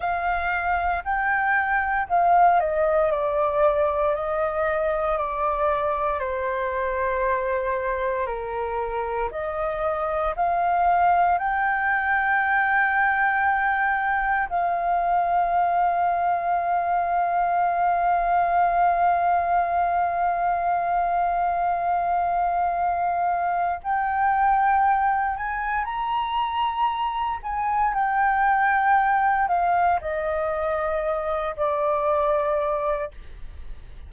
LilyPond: \new Staff \with { instrumentName = "flute" } { \time 4/4 \tempo 4 = 58 f''4 g''4 f''8 dis''8 d''4 | dis''4 d''4 c''2 | ais'4 dis''4 f''4 g''4~ | g''2 f''2~ |
f''1~ | f''2. g''4~ | g''8 gis''8 ais''4. gis''8 g''4~ | g''8 f''8 dis''4. d''4. | }